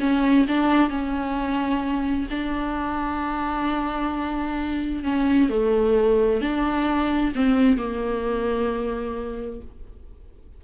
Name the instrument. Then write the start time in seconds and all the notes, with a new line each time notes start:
viola
0.00 C#4
0.48 D4
0.90 C#4
2.30 D4
5.03 C#4
5.49 A3
6.41 D4
7.35 C4
7.77 A#3